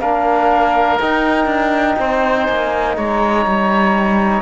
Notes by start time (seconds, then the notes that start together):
0.00 A#3 D4 A#4 F5
0.99 D#4 G5
1.45 D4
1.99 C4 C5
2.45 A#3 G#5
2.95 G#3 C#5 A#5
3.45 G3